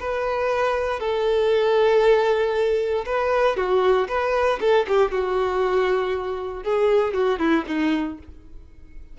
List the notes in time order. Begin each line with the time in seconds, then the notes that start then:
0.00 B4
1.00 A4
3.06 B4
3.57 F#4
4.09 B4
4.61 A4
4.88 G4
5.12 F#4
6.64 G#4
7.14 F#4
7.39 E4
7.68 D#4